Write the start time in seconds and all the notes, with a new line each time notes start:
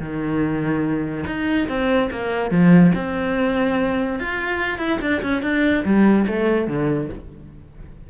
0.00 D#3
1.26 D#4
1.68 C4
2.11 A#3
2.51 F3
2.95 C4
4.20 F4
4.78 E4
5.01 D4
5.23 C#4
5.42 D4
5.85 G3
6.27 A3
6.68 D3